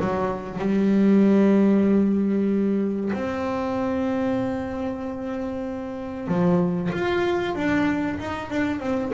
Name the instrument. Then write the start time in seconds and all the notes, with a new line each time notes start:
double bass
0.00 F#3
0.59 G3
3.13 C4
6.28 F3
6.92 F4
7.55 D4
8.19 D#4
8.50 D4
8.80 C4